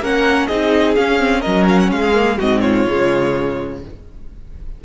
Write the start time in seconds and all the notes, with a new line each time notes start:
0.00 A#3 C#4 A#4 F#5
0.47 C4 D#4 G#4 D#5
0.96 C#4 F5
1.19 C4
1.40 C#4 A#4 D#5
1.46 F#3
1.69 F5
1.79 F#5
1.91 G#3 G#4 F5
2.14 A#3
2.38 G#2 C4 F#4 D#5
2.61 F4 C#5
2.88 C#3 G#3